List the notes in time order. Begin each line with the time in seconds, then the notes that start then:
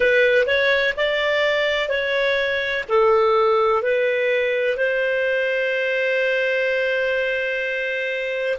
0.00 B4
0.46 C#5
0.96 D5
1.89 C#5
2.88 A4
3.82 B4
4.77 C5